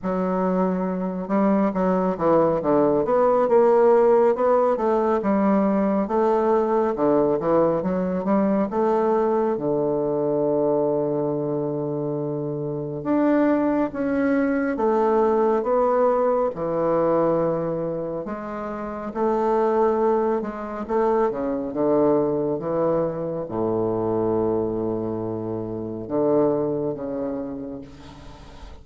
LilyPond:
\new Staff \with { instrumentName = "bassoon" } { \time 4/4 \tempo 4 = 69 fis4. g8 fis8 e8 d8 b8 | ais4 b8 a8 g4 a4 | d8 e8 fis8 g8 a4 d4~ | d2. d'4 |
cis'4 a4 b4 e4~ | e4 gis4 a4. gis8 | a8 cis8 d4 e4 a,4~ | a,2 d4 cis4 | }